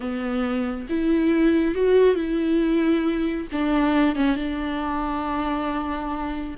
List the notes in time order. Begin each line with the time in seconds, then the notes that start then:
0.00 B3
0.89 E4
1.74 F#4
2.15 E4
3.52 D4
4.15 C#4
4.36 D4